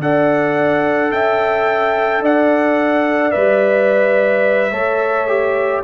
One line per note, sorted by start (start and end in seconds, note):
0.00 1.11 D4
0.00 3.32 A4
0.00 1.13 D5
0.00 1.12 F#5
1.11 2.21 C#4
1.11 2.23 E5
1.11 2.23 G5
2.21 3.32 D4
2.21 4.72 D5
2.21 3.32 F#5
3.32 4.72 G3
3.32 4.71 B4
3.32 5.82 E5
4.72 5.83 A3
4.72 5.28 A4
4.72 5.83 C#5
5.28 5.84 G4